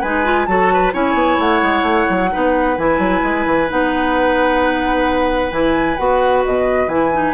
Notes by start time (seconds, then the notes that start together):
0.00 G#3 D#4 B4 G#5
0.24 F4
0.46 F#3 F#4 A4 A5
0.73 B4
0.92 C#4 E4 C#5 G#5
1.14 B3
1.38 A3 F#5
1.61 G#3
1.82 A3
2.09 F#3
2.31 B3 D#4 B4
2.77 E3 E4 G#5
2.98 F#3
3.22 G#3
3.45 E3
3.68 B3 D#4 F#5
5.50 E3 E4 G#5
5.97 B3 F#4 F#5
6.44 B2 D#5
6.87 E3 E4 G#5
7.12 D#4